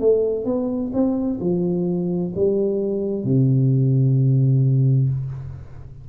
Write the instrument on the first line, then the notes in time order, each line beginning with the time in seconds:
tuba
0.00 A3
0.45 B3
0.93 C4
1.41 F3
2.35 G3
3.24 C3